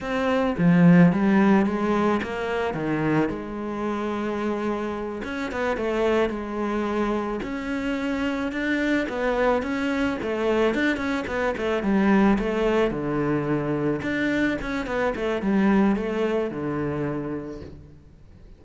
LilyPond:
\new Staff \with { instrumentName = "cello" } { \time 4/4 \tempo 4 = 109 c'4 f4 g4 gis4 | ais4 dis4 gis2~ | gis4. cis'8 b8 a4 gis8~ | gis4. cis'2 d'8~ |
d'8 b4 cis'4 a4 d'8 | cis'8 b8 a8 g4 a4 d8~ | d4. d'4 cis'8 b8 a8 | g4 a4 d2 | }